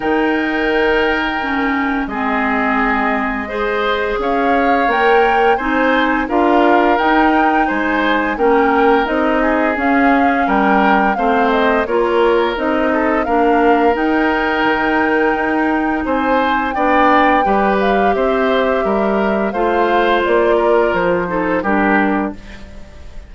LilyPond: <<
  \new Staff \with { instrumentName = "flute" } { \time 4/4 \tempo 4 = 86 g''2. dis''4~ | dis''2 f''4 g''4 | gis''4 f''4 g''4 gis''4 | g''4 dis''4 f''4 g''4 |
f''8 dis''8 cis''4 dis''4 f''4 | g''2. gis''4 | g''4. f''8 e''2 | f''4 d''4 c''4 ais'4 | }
  \new Staff \with { instrumentName = "oboe" } { \time 4/4 ais'2. gis'4~ | gis'4 c''4 cis''2 | c''4 ais'2 c''4 | ais'4. gis'4. ais'4 |
c''4 ais'4. a'8 ais'4~ | ais'2. c''4 | d''4 b'4 c''4 ais'4 | c''4. ais'4 a'8 g'4 | }
  \new Staff \with { instrumentName = "clarinet" } { \time 4/4 dis'2 cis'4 c'4~ | c'4 gis'2 ais'4 | dis'4 f'4 dis'2 | cis'4 dis'4 cis'2 |
c'4 f'4 dis'4 d'4 | dis'1 | d'4 g'2. | f'2~ f'8 dis'8 d'4 | }
  \new Staff \with { instrumentName = "bassoon" } { \time 4/4 dis2. gis4~ | gis2 cis'4 ais4 | c'4 d'4 dis'4 gis4 | ais4 c'4 cis'4 g4 |
a4 ais4 c'4 ais4 | dis'4 dis4 dis'4 c'4 | b4 g4 c'4 g4 | a4 ais4 f4 g4 | }
>>